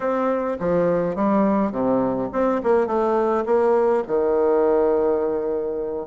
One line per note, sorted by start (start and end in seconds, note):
0.00 0.57 C4
0.59 1.15 F3
1.15 1.71 G3
1.71 2.29 C3
2.32 2.61 C4
2.62 2.86 A#3
2.86 3.44 A3
3.45 4.03 A#3
4.07 6.06 D#3